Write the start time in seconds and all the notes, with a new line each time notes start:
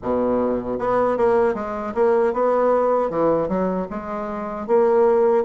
0.02 B2
0.78 B3
1.17 A#3
1.54 G#3
1.94 A#3
2.33 B3
3.10 E3
3.48 F#3
3.90 G#3
4.67 A#3